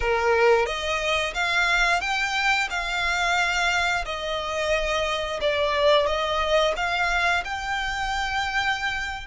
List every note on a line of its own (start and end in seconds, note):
0.00 0.66 A#4
0.66 1.33 D#5
1.34 2.00 F5
2.00 2.68 G5
2.70 4.04 F5
4.05 5.40 D#5
5.41 6.06 D5
6.06 6.74 D#5
6.76 7.43 F5
7.44 9.26 G5